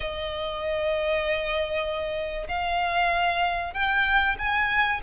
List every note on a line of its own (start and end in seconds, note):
0.00 2.47 D#5
2.48 3.73 F5
3.73 4.36 G5
4.38 5.01 G#5